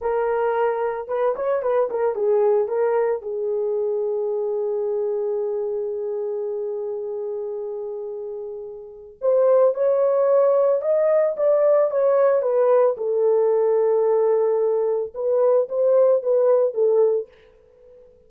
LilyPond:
\new Staff \with { instrumentName = "horn" } { \time 4/4 \tempo 4 = 111 ais'2 b'8 cis''8 b'8 ais'8 | gis'4 ais'4 gis'2~ | gis'1~ | gis'1~ |
gis'4 c''4 cis''2 | dis''4 d''4 cis''4 b'4 | a'1 | b'4 c''4 b'4 a'4 | }